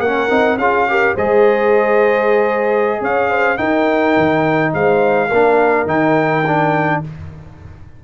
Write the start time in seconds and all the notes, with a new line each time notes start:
0.00 A#3 C#4 A#4 F#5
0.30 C4 D#4
0.58 C#4 F4 G#4 F5
0.89 G4 A#4
1.15 G#3 G#4 C5 D#5
3.01 C#4 C#5 F5
3.30 C5
3.58 D#4 A#4 G5
4.17 D#3
4.74 G#3 C5 F5
5.28 A#3 D4 A#4
5.86 D#3 D#4 G5
6.47 D4